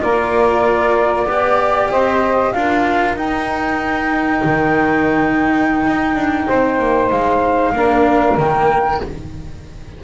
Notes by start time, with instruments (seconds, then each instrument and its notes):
0.00 double bass A#3, cello F4, saxophone A#4, flute D5
1.26 double bass B3, cello G4, saxophone D5
1.90 double bass C4, saxophone C5, flute D#5
2.52 double bass D4, cello F4, saxophone A#4, flute F5
3.16 double bass D#4, cello D#4, flute G5
4.44 double bass D#3
5.86 double bass D#4
6.16 double bass D4
6.47 double bass C4, saxophone C5
6.79 double bass A#3
7.11 double bass G#3, flute F5
7.73 double bass A#3, cello D4, saxophone A#4
8.37 double bass D#3, cello A#3, flute G5